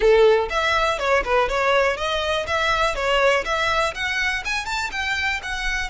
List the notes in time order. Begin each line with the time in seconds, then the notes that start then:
0.00 A4
0.49 E5
0.99 C#5
1.24 B4
1.48 C#5
1.96 D#5
2.46 E5
2.95 C#5
3.44 E5
3.94 F#5
4.45 G#5
4.65 A5
4.91 G5
5.42 F#5